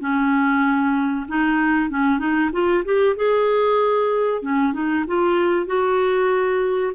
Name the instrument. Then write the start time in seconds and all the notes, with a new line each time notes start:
clarinet
0.00 C#4
1.28 D#4
1.90 C#4
2.19 D#4
2.53 F4
2.85 G4
3.16 G#4
4.42 C#4
4.73 D#4
5.07 F4
5.66 F#4